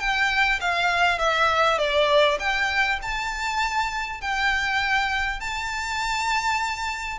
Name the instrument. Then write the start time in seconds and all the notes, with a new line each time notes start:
violin
0.00 G5
0.61 F5
1.19 E5
1.78 D5
2.40 G5
3.03 A5
4.21 G5
5.40 A5